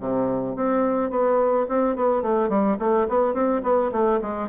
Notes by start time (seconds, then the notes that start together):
0.00 C3
0.56 C4
1.10 B3
1.69 C4
1.96 B3
2.23 A3
2.49 G3
2.79 A3
3.09 B3
3.34 C4
3.63 B3
3.92 A3
4.21 G#3